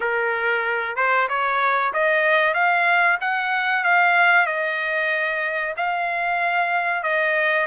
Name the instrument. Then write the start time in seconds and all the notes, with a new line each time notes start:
trumpet
0.00 A#4
0.96 C5
1.29 C#5
1.93 D#5
2.54 F5
3.20 F#5
3.84 F5
4.46 D#5
5.76 F5
7.03 D#5